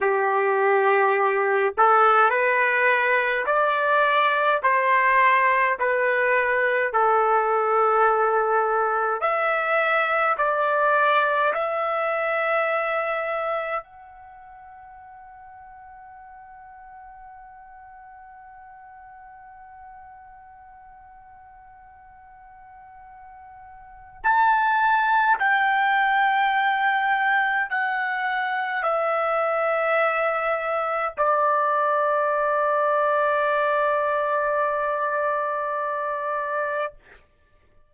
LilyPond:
\new Staff \with { instrumentName = "trumpet" } { \time 4/4 \tempo 4 = 52 g'4. a'8 b'4 d''4 | c''4 b'4 a'2 | e''4 d''4 e''2 | fis''1~ |
fis''1~ | fis''4 a''4 g''2 | fis''4 e''2 d''4~ | d''1 | }